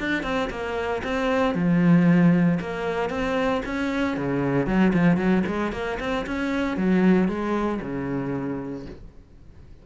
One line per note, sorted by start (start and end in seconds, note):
0.00 0.23 D4
0.23 0.49 C4
0.50 1.02 A#3
1.04 1.55 C4
1.55 2.59 F3
2.60 3.10 A#3
3.10 3.62 C4
3.66 4.17 C#4
4.17 4.67 C#3
4.67 4.93 F#3
4.93 5.17 F3
5.17 5.43 F#3
5.47 5.72 G#3
5.72 5.99 A#3
6.00 6.26 C4
6.27 6.77 C#4
6.77 7.28 F#3
7.28 7.80 G#3
7.81 8.86 C#3